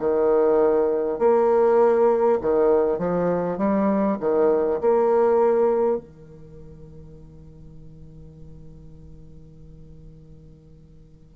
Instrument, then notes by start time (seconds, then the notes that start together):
bassoon
0.00 D#3
1.19 A#3
2.42 D#3
2.99 F3
3.58 G3
4.21 D#3
4.82 A#3
5.98 D#3